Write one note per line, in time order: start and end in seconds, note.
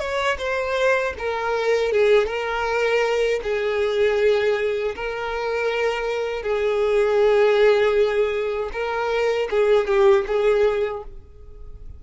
0.00 0.38 C#5
0.39 1.15 C5
1.19 1.93 A#4
1.93 2.27 G#4
2.27 3.41 A#4
3.43 4.95 G#4
4.96 6.43 A#4
6.43 8.71 G#4
8.73 9.49 A#4
9.51 9.88 G#4
9.88 10.26 G4
10.28 11.04 G#4